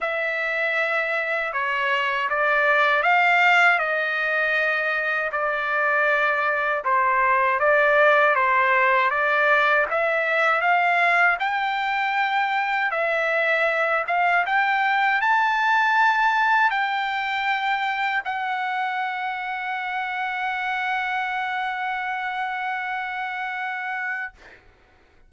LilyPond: \new Staff \with { instrumentName = "trumpet" } { \time 4/4 \tempo 4 = 79 e''2 cis''4 d''4 | f''4 dis''2 d''4~ | d''4 c''4 d''4 c''4 | d''4 e''4 f''4 g''4~ |
g''4 e''4. f''8 g''4 | a''2 g''2 | fis''1~ | fis''1 | }